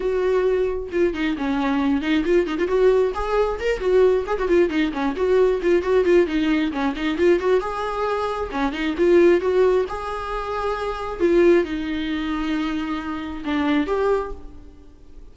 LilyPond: \new Staff \with { instrumentName = "viola" } { \time 4/4 \tempo 4 = 134 fis'2 f'8 dis'8 cis'4~ | cis'8 dis'8 f'8 dis'16 f'16 fis'4 gis'4 | ais'8 fis'4 gis'16 fis'16 f'8 dis'8 cis'8 fis'8~ | fis'8 f'8 fis'8 f'8 dis'4 cis'8 dis'8 |
f'8 fis'8 gis'2 cis'8 dis'8 | f'4 fis'4 gis'2~ | gis'4 f'4 dis'2~ | dis'2 d'4 g'4 | }